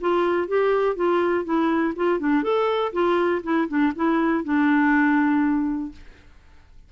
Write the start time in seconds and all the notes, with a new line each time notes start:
0.00 F4
0.47 G4
0.95 F4
1.44 E4
1.96 F4
2.19 D4
2.43 A4
2.92 F4
3.43 E4
3.68 D4
3.95 E4
4.44 D4